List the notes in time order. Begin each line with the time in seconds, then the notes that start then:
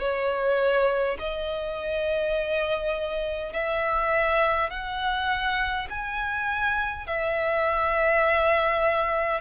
0.00 C#5
1.19 D#5
3.53 E5
4.70 F#5
5.90 G#5
7.07 E5